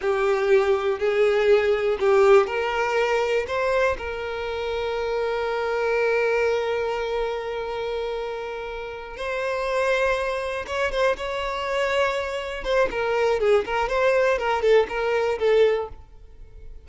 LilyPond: \new Staff \with { instrumentName = "violin" } { \time 4/4 \tempo 4 = 121 g'2 gis'2 | g'4 ais'2 c''4 | ais'1~ | ais'1~ |
ais'2~ ais'8 c''4.~ | c''4. cis''8 c''8 cis''4.~ | cis''4. c''8 ais'4 gis'8 ais'8 | c''4 ais'8 a'8 ais'4 a'4 | }